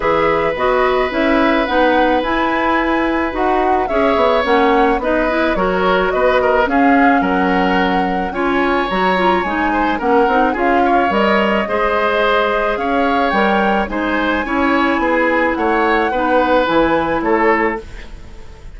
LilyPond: <<
  \new Staff \with { instrumentName = "flute" } { \time 4/4 \tempo 4 = 108 e''4 dis''4 e''4 fis''4 | gis''2 fis''4 e''4 | fis''4 dis''4 cis''4 dis''4 | f''4 fis''2 gis''4 |
ais''4 gis''4 fis''4 f''4 | dis''2. f''4 | g''4 gis''2. | fis''2 gis''4 cis''4 | }
  \new Staff \with { instrumentName = "oboe" } { \time 4/4 b'1~ | b'2. cis''4~ | cis''4 b'4 ais'4 b'8 ais'8 | gis'4 ais'2 cis''4~ |
cis''4. c''8 ais'4 gis'8 cis''8~ | cis''4 c''2 cis''4~ | cis''4 c''4 cis''4 gis'4 | cis''4 b'2 a'4 | }
  \new Staff \with { instrumentName = "clarinet" } { \time 4/4 gis'4 fis'4 e'4 dis'4 | e'2 fis'4 gis'4 | cis'4 dis'8 e'8 fis'2 | cis'2. f'4 |
fis'8 f'8 dis'4 cis'8 dis'8 f'4 | ais'4 gis'2. | ais'4 dis'4 e'2~ | e'4 dis'4 e'2 | }
  \new Staff \with { instrumentName = "bassoon" } { \time 4/4 e4 b4 cis'4 b4 | e'2 dis'4 cis'8 b8 | ais4 b4 fis4 b4 | cis'4 fis2 cis'4 |
fis4 gis4 ais8 c'8 cis'4 | g4 gis2 cis'4 | g4 gis4 cis'4 b4 | a4 b4 e4 a4 | }
>>